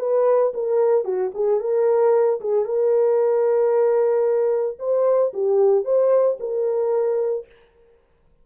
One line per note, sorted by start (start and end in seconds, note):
0.00 0.53 B4
0.55 1.05 A#4
1.05 1.32 F#4
1.34 1.61 G#4
1.61 2.41 A#4
2.41 2.66 G#4
2.66 4.78 A#4
4.80 5.33 C5
5.34 5.85 G4
5.85 6.38 C5
6.40 7.46 A#4